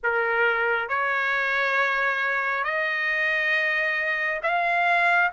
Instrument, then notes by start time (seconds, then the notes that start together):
trumpet
0.03 A#4
0.88 C#5
2.64 D#5
4.42 F5